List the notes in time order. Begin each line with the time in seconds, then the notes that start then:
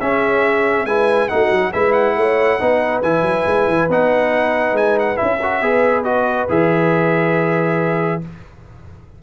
0.00 C#4 G#4 E5
0.85 G#3 E4 B4 G#5
1.28 A3 D#4 F#4 F#5
1.51 F#3
1.72 G#3 E4 B4 E5
1.92 F#5
2.17 A3 C#5
2.60 B3 D#4 B4
3.02 E3 E4 G#5
3.21 F#3
3.46 G#3
3.67 E3
3.88 B3 D#4 F#5
4.72 G#3 G#5
4.99 F#5
5.16 C#4 E4 E5
5.39 F#4 A#4
5.61 B3 G#4 B4
6.04 F#4 D#5
6.49 E3 G#4 E5